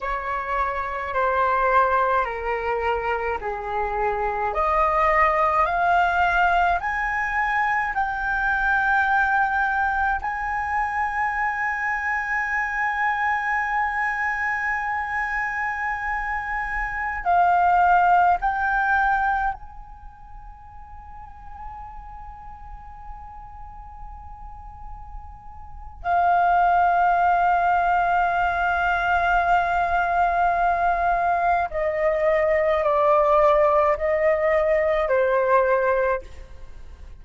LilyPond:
\new Staff \with { instrumentName = "flute" } { \time 4/4 \tempo 4 = 53 cis''4 c''4 ais'4 gis'4 | dis''4 f''4 gis''4 g''4~ | g''4 gis''2.~ | gis''2.~ gis''16 f''8.~ |
f''16 g''4 gis''2~ gis''8.~ | gis''2. f''4~ | f''1 | dis''4 d''4 dis''4 c''4 | }